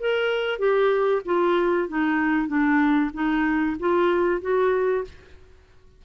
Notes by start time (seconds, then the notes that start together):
0.00 A#4
0.59 G4
1.25 F4
1.89 D#4
2.48 D4
3.14 D#4
3.80 F4
4.42 F#4